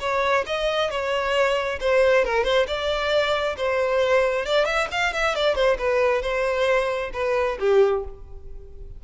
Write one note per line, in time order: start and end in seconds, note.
0.00 0.44 C#5
0.46 0.90 D#5
0.90 1.79 C#5
1.80 2.24 C5
2.24 2.44 A#4
2.44 2.66 C5
2.67 3.56 D5
3.57 4.45 C5
4.45 4.65 D5
4.65 4.87 E5
4.91 5.13 F5
5.13 5.35 E5
5.35 5.55 D5
5.55 5.77 C5
5.78 6.22 B4
6.22 7.11 C5
7.13 7.58 B4
7.59 8.04 G4